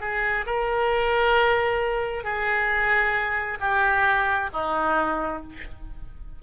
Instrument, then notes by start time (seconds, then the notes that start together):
oboe
0.00 G#4
0.46 A#4
2.24 G#4
3.60 G4
4.53 D#4